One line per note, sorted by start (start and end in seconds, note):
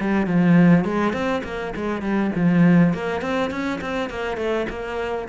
0.00 0.26 G3
0.26 0.84 F3
0.84 1.13 G#3
1.13 1.42 C4
1.43 1.73 A#3
1.76 2.01 G#3
2.01 2.31 G3
2.35 2.93 F3
2.93 3.21 A#3
3.21 3.50 C4
3.50 3.79 C#4
3.80 4.09 C4
4.09 4.37 A#3
4.37 4.66 A3
4.69 5.28 A#3